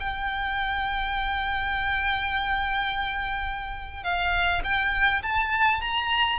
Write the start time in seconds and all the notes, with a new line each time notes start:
0.00 G5
4.04 F5
4.64 G5
5.23 A5
5.81 A#5